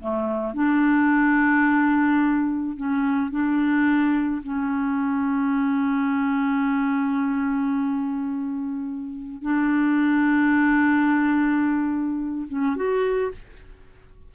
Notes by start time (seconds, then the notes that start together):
0.00 A3
0.54 D4
2.76 C#4
3.31 D4
4.43 C#4
9.42 D4
12.48 C#4
12.76 F#4